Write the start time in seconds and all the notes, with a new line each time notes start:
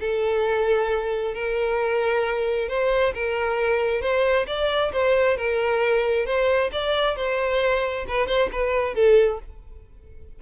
0.00 A4
1.34 A#4
2.68 C5
3.14 A#4
4.01 C5
4.47 D5
4.93 C5
5.37 A#4
6.26 C5
6.72 D5
7.16 C5
8.08 B4
8.27 C5
8.52 B4
8.95 A4